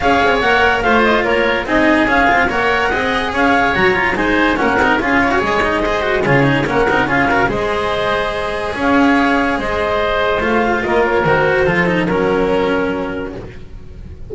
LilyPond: <<
  \new Staff \with { instrumentName = "clarinet" } { \time 4/4 \tempo 4 = 144 f''4 fis''4 f''8 dis''8 cis''4 | dis''4 f''4 fis''2 | f''4 ais''4 gis''4 fis''4 | f''4 dis''2 cis''4 |
fis''4 f''4 dis''2~ | dis''4 f''2 dis''4~ | dis''4 f''4 dis''8 cis''8 c''4~ | c''4 ais'2. | }
  \new Staff \with { instrumentName = "oboe" } { \time 4/4 cis''2 c''4 ais'4 | gis'2 cis''4 dis''4 | cis''2 c''4 ais'4 | gis'8 cis''4. c''4 gis'4 |
ais'4 gis'8 ais'8 c''2~ | c''4 cis''2 c''4~ | c''2 ais'2 | a'4 ais'2. | }
  \new Staff \with { instrumentName = "cello" } { \time 4/4 gis'4 ais'4 f'2 | dis'4 cis'8 f'8 ais'4 gis'4~ | gis'4 fis'8 f'8 dis'4 cis'8 dis'8 | f'8. fis'16 gis'8 dis'8 gis'8 fis'8 f'8 dis'8 |
cis'8 dis'8 f'8 fis'8 gis'2~ | gis'1~ | gis'4 f'2 fis'4 | f'8 dis'8 cis'2. | }
  \new Staff \with { instrumentName = "double bass" } { \time 4/4 cis'8 c'8 ais4 a4 ais4 | c'4 cis'8 c'8 ais4 c'4 | cis'4 fis4 gis4 ais8 c'8 | cis'4 gis2 cis4 |
ais8 c'8 cis'4 gis2~ | gis4 cis'2 gis4~ | gis4 a4 ais4 dis4 | f4 fis2. | }
>>